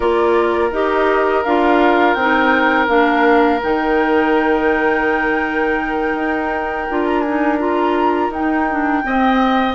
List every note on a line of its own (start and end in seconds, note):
0.00 0.70 A#3
0.00 0.71 F4
0.00 9.02 A#4
0.00 0.71 D5
0.71 1.43 D#4
0.71 1.45 G4
0.71 1.43 D#5
1.43 2.15 D4
1.43 2.18 F4
1.43 2.13 F5
2.13 2.87 C4
2.13 2.87 D#4
2.13 2.86 G5
2.87 3.60 A#3
2.87 3.59 D4
2.87 3.60 F5
3.63 6.14 D#3
3.63 6.88 D#4
3.63 7.06 G5
6.14 6.86 D#4
6.89 8.29 D4
6.89 7.25 F4
7.06 7.20 A#5
7.20 7.56 G#5
7.27 7.59 D#4
7.59 8.31 F4
7.59 8.32 A#5
8.29 9.02 D#4
8.29 8.70 D#4
8.29 9.74 G5
8.70 9.02 D4
9.02 9.74 C4
9.02 9.74 D#5